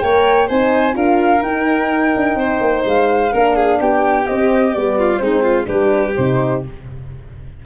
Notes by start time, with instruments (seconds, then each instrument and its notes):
0.00 tuba A#3, horn A#4, violin C#5, flute G5
0.47 tuba C4, horn D#4, violin C5, flute G#5
0.92 tuba D4, horn F4, violin A#4, flute F5
1.42 tuba D#4, horn D#4, flute G5
2.16 tuba D4
2.35 tuba C4, violin C5
2.60 tuba A#3
2.85 tuba G#3, flute F5
3.32 tuba A#3, horn D4, violin A#4
3.56 violin G#4
3.80 tuba B3, violin G4, flute G5
4.26 horn C4, tuba C4, flute D#5
4.73 tuba G3, horn B3, flute D5
4.98 violin F4
5.17 tuba G#3, horn C4, violin D#4, flute C5
5.43 violin F4
5.65 tuba G3, horn D4, violin G4, flute B4
6.15 tuba C3, horn D#4, flute C5